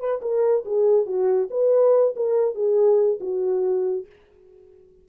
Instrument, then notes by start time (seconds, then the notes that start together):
horn
0.00 B4
0.22 A#4
0.66 G#4
1.06 F#4
1.51 B4
2.16 A#4
2.55 G#4
3.21 F#4